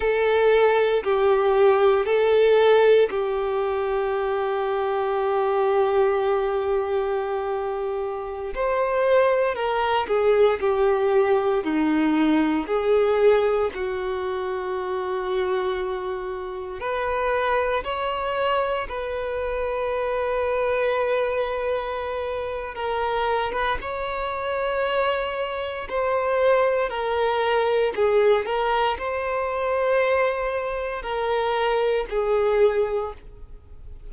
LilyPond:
\new Staff \with { instrumentName = "violin" } { \time 4/4 \tempo 4 = 58 a'4 g'4 a'4 g'4~ | g'1~ | g'16 c''4 ais'8 gis'8 g'4 dis'8.~ | dis'16 gis'4 fis'2~ fis'8.~ |
fis'16 b'4 cis''4 b'4.~ b'16~ | b'2 ais'8. b'16 cis''4~ | cis''4 c''4 ais'4 gis'8 ais'8 | c''2 ais'4 gis'4 | }